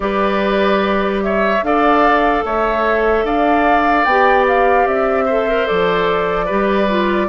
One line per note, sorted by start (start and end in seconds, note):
0.00 1.61 G3
0.00 1.59 G4
0.00 1.23 B4
0.00 1.21 D5
1.23 1.64 C#5
1.23 1.63 E5
1.62 2.43 D4
1.62 4.07 A4
1.62 2.44 D5
1.62 2.44 F5
2.44 3.24 A3
2.44 3.25 C#5
2.44 3.26 E5
3.24 4.05 D4
3.24 5.25 D5
3.24 4.04 F5
4.04 4.85 B3
4.04 5.29 G4
4.04 4.45 G5
4.47 4.87 F5
4.85 5.67 C4
4.85 5.67 E5
5.25 5.48 A4
5.25 6.45 C5
5.48 5.66 A#4
5.66 6.50 F3
5.66 6.47 A4
5.66 7.28 D5
6.45 7.28 G3
6.45 6.88 G4
6.45 7.26 B4
6.89 7.28 F4